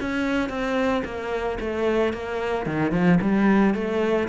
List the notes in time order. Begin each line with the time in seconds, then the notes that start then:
0.00 C#4
0.49 C4
1.04 A#3
1.60 A3
2.13 A#3
2.66 D#3
2.91 F3
3.21 G3
3.74 A3